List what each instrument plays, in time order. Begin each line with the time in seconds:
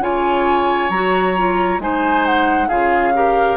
0.00 bassoon C#3, clarinet F4, oboe C#5, flute G#5
0.89 bassoon F#3, clarinet F#4, flute A#5
1.37 clarinet F4
1.79 bassoon G#3, clarinet D#4, oboe C5, flute G#5
2.26 flute F#5
2.68 bassoon C#3, clarinet F4, oboe G#4, flute F5
3.14 clarinet G4, oboe A#4